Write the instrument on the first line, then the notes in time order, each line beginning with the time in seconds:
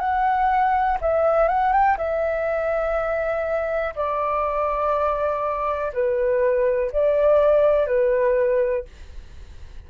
flute
0.00 F#5
1.01 E5
1.48 F#5
1.73 G5
1.98 E5
3.96 D5
5.94 B4
6.93 D5
7.87 B4